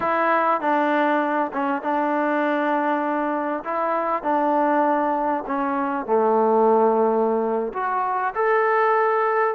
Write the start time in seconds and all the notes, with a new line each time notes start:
0.00 E4
0.61 D4
1.52 C#4
1.82 D4
3.64 E4
4.22 D4
5.46 C#4
6.06 A3
7.73 F#4
8.34 A4